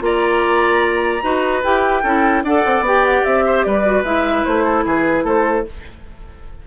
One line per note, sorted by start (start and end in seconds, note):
0.00 1.22 A#3
0.00 1.21 F4
0.00 1.23 D5
0.00 1.64 A#5
1.23 1.64 D#4
1.23 1.63 F#4
1.23 2.03 B4
1.64 2.04 E4
1.64 2.04 G4
1.64 2.44 G5
2.03 2.43 C#4
2.03 2.45 E4
2.03 2.43 A4
2.43 2.64 D4
2.43 2.86 A4
2.43 3.45 D5
2.43 2.84 F#5
2.66 2.81 C4
2.81 3.21 B3
2.81 3.83 G4
2.87 3.05 G5
3.05 3.24 F#5
3.24 3.66 C4
3.24 3.64 E5
3.46 3.66 C5
3.64 4.04 G3
3.64 4.64 B4
3.64 4.04 D5
3.83 4.04 F#4
4.04 4.44 G#3
4.04 5.66 E4
4.04 4.45 E5
4.45 4.85 A3
4.45 4.85 C5
4.64 4.84 A4
4.85 5.24 E3
4.85 5.25 G#4
4.85 5.27 B4
5.24 5.65 A3
5.24 5.65 A4
5.24 5.67 C5